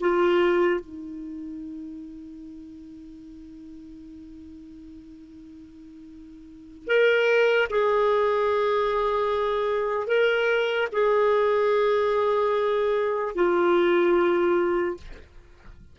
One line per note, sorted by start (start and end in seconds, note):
0.00 0.80 F4
0.80 6.87 D#4
6.87 7.68 A#4
7.70 10.07 G#4
10.07 10.88 A#4
10.92 13.35 G#4
13.35 14.97 F4